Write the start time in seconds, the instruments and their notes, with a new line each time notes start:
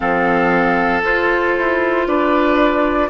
0.00 bassoon F3, clarinet C4, oboe A4, flute F5
1.03 bassoon F4, clarinet F4, flute C5
1.58 bassoon E4
2.06 bassoon D4, oboe B4, flute D5